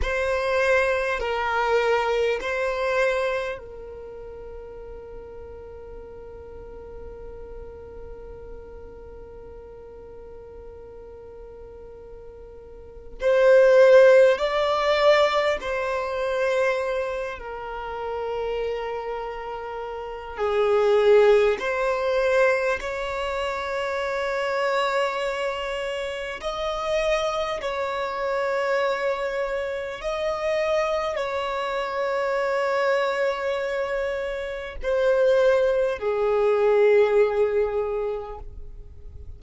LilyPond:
\new Staff \with { instrumentName = "violin" } { \time 4/4 \tempo 4 = 50 c''4 ais'4 c''4 ais'4~ | ais'1~ | ais'2. c''4 | d''4 c''4. ais'4.~ |
ais'4 gis'4 c''4 cis''4~ | cis''2 dis''4 cis''4~ | cis''4 dis''4 cis''2~ | cis''4 c''4 gis'2 | }